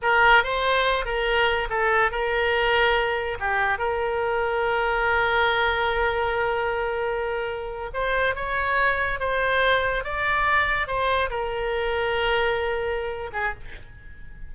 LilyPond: \new Staff \with { instrumentName = "oboe" } { \time 4/4 \tempo 4 = 142 ais'4 c''4. ais'4. | a'4 ais'2. | g'4 ais'2.~ | ais'1~ |
ais'2~ ais'8. c''4 cis''16~ | cis''4.~ cis''16 c''2 d''16~ | d''4.~ d''16 c''4 ais'4~ ais'16~ | ais'2.~ ais'8 gis'8 | }